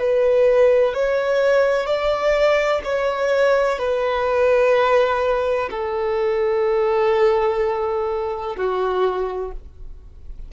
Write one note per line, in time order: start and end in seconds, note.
0.00 0.94 B4
0.94 1.87 C#5
1.87 2.82 D5
2.85 3.79 C#5
3.79 5.70 B4
5.71 8.57 A4
8.57 9.52 F#4